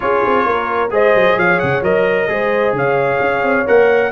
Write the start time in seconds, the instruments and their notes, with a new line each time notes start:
0.00 tuba C#4, trombone F4, horn G#4, trumpet C#5
0.26 tuba C4
0.45 tuba A#3, horn A#4
0.90 tuba G#3, trombone G#4, horn C5, trumpet D#5
1.15 tuba F#3
1.37 tuba F3, horn C#5, trumpet F5
1.59 tuba C#3, trumpet F#5
1.82 tuba F#3, trombone A#4, trumpet D#5
2.28 tuba G#3, trombone G#4, horn C5
2.72 tuba C#3, horn C#5, trumpet F5
3.20 tuba C#4
3.42 tuba C4
3.66 tuba A#3, trombone A#4, trumpet F#5